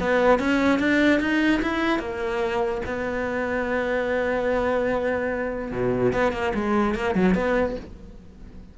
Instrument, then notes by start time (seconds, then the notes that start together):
cello
0.00 B3
0.39 C#4
0.79 D4
1.20 D#4
1.62 E4
1.99 A#3
2.85 B3
5.72 B2
6.13 B3
6.32 A#3
6.54 G#3
6.95 A#3
7.15 F#3
7.35 B3